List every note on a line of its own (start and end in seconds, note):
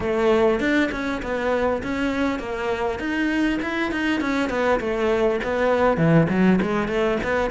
0.00 0.59 A3
0.59 0.89 D4
0.91 1.21 C#4
1.22 1.82 B3
1.82 2.39 C#4
2.39 2.99 A#3
2.99 3.59 D#4
3.62 3.91 E4
3.91 4.20 D#4
4.20 4.49 C#4
4.49 4.79 B3
4.80 5.40 A3
5.43 5.97 B3
5.97 6.27 E3
6.29 6.59 F#3
6.61 6.88 G#3
6.88 7.18 A3
7.23 7.50 B3